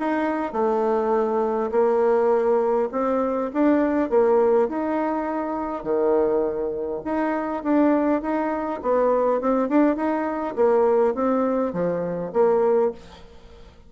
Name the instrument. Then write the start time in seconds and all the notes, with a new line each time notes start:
bassoon
0.00 D#4
0.53 A3
1.72 A#3
2.93 C4
3.54 D4
4.10 A#3
4.69 D#4
5.84 D#3
7.05 D#4
7.64 D4
8.22 D#4
8.83 B3
9.42 C4
9.69 D4
9.97 D#4
10.56 A#3
11.15 C4
11.74 F3
12.33 A#3